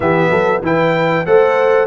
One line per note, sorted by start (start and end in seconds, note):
0.00 0.29 E3
0.00 0.62 B3
0.00 0.30 G4
0.00 0.62 E5
0.29 0.61 F#3
0.29 0.62 A4
0.62 1.24 E3
0.62 1.25 E4
0.62 1.26 B4
0.62 1.26 G5
1.26 1.87 A3
1.26 1.87 A4
1.26 1.87 C5
1.26 1.87 F#5